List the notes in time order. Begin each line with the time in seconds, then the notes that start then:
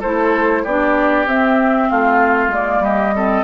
0.00 A3 E4 A4 C5
0.64 B3 D4 G4 D5
1.26 C4 E5
1.90 A3 F4 F5
2.48 G#3 A#3 D5
2.80 G3 G4 D#5
3.15 C4 A4